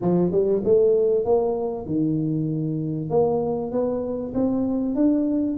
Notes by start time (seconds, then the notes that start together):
0.01 F3
0.31 G3
0.64 A3
1.25 A#3
1.86 D#3
3.10 A#3
3.71 B3
4.34 C4
4.95 D4